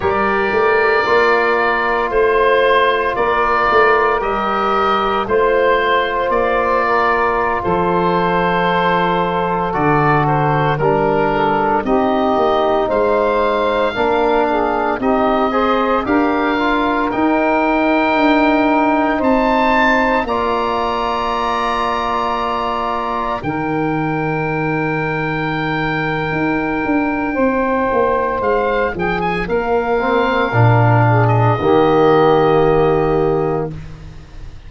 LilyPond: <<
  \new Staff \with { instrumentName = "oboe" } { \time 4/4 \tempo 4 = 57 d''2 c''4 d''4 | dis''4 c''4 d''4~ d''16 c''8.~ | c''4~ c''16 d''8 c''8 ais'4 dis''8.~ | dis''16 f''2 dis''4 f''8.~ |
f''16 g''2 a''4 ais''8.~ | ais''2~ ais''16 g''4.~ g''16~ | g''2. f''8 g''16 gis''16 | f''4.~ f''16 dis''2~ dis''16 | }
  \new Staff \with { instrumentName = "saxophone" } { \time 4/4 ais'2 c''4 ais'4~ | ais'4 c''4. ais'8. a'8.~ | a'2~ a'16 ais'8 a'8 g'8.~ | g'16 c''4 ais'8 gis'8 g'8 c''8 ais'8.~ |
ais'2~ ais'16 c''4 d''8.~ | d''2~ d''16 ais'4.~ ais'16~ | ais'2 c''4. gis'8 | ais'4. gis'8 g'2 | }
  \new Staff \with { instrumentName = "trombone" } { \time 4/4 g'4 f'2. | g'4 f'2.~ | f'4~ f'16 fis'4 d'4 dis'8.~ | dis'4~ dis'16 d'4 dis'8 gis'8 g'8 f'16~ |
f'16 dis'2. f'8.~ | f'2~ f'16 dis'4.~ dis'16~ | dis'1~ | dis'8 c'8 d'4 ais2 | }
  \new Staff \with { instrumentName = "tuba" } { \time 4/4 g8 a8 ais4 a4 ais8 a8 | g4 a4 ais4~ ais16 f8.~ | f4~ f16 d4 g4 c'8 ais16~ | ais16 gis4 ais4 c'4 d'8.~ |
d'16 dis'4 d'4 c'4 ais8.~ | ais2~ ais16 dis4.~ dis16~ | dis4 dis'8 d'8 c'8 ais8 gis8 f8 | ais4 ais,4 dis2 | }
>>